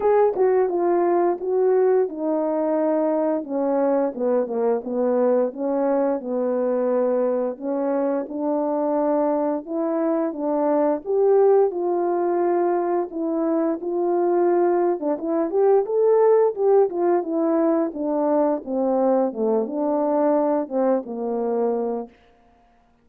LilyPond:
\new Staff \with { instrumentName = "horn" } { \time 4/4 \tempo 4 = 87 gis'8 fis'8 f'4 fis'4 dis'4~ | dis'4 cis'4 b8 ais8 b4 | cis'4 b2 cis'4 | d'2 e'4 d'4 |
g'4 f'2 e'4 | f'4.~ f'16 d'16 e'8 g'8 a'4 | g'8 f'8 e'4 d'4 c'4 | a8 d'4. c'8 ais4. | }